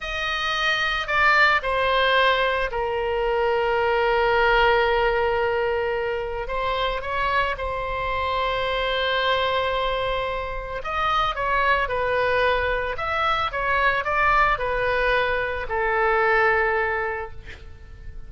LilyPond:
\new Staff \with { instrumentName = "oboe" } { \time 4/4 \tempo 4 = 111 dis''2 d''4 c''4~ | c''4 ais'2.~ | ais'1 | c''4 cis''4 c''2~ |
c''1 | dis''4 cis''4 b'2 | e''4 cis''4 d''4 b'4~ | b'4 a'2. | }